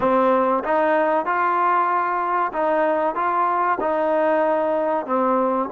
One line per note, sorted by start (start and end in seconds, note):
0.00 0.63 C4
0.63 1.25 D#4
1.25 2.51 F4
2.52 3.15 D#4
3.15 3.78 F4
3.80 5.06 D#4
5.06 5.69 C4